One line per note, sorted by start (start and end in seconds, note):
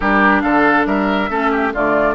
0.00 0.43 G3
0.00 1.29 D4
0.00 0.42 G4
0.00 0.41 A#4
0.41 0.86 D3
0.41 0.86 A4
0.41 0.84 F5
0.86 1.29 G3
0.86 1.29 A#4
0.86 1.72 E5
1.29 1.73 A3
1.29 1.73 C#4
1.29 1.51 A4
1.51 1.72 G4
1.73 2.14 D3
1.73 2.14 A3
1.73 2.14 F4
1.73 2.14 D5